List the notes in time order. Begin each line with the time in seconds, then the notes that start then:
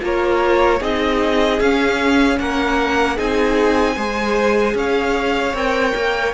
0.00 A#3 F4 A#4 C#5
0.79 C4 D#4 G#4 D#5
1.59 C#4 F5
2.39 A#3 A#4 F#5
3.15 C4 D#4 G#4 G#5
3.96 G#3 G#4 C5
4.74 C#4 C#5 F5
5.53 C4 A#4 G5
5.95 A#3